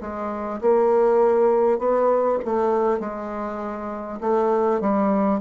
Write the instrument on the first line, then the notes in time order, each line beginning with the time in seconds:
bassoon
0.00 G#3
0.61 A#3
1.78 B3
2.44 A3
2.99 G#3
4.20 A3
4.81 G3